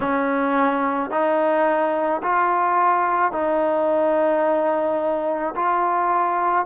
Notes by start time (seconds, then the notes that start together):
0.00 C#4
1.10 D#4
2.22 F4
3.32 D#4
5.56 F4